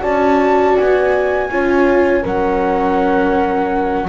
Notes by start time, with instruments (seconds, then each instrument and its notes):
0.00 double bass C#4, viola F#4, horn D5, flute A5
0.77 double bass B3, flute G#5
1.50 double bass C#4, viola F4, horn C#5
2.23 double bass F#3, viola C#4, horn A#4, flute F#5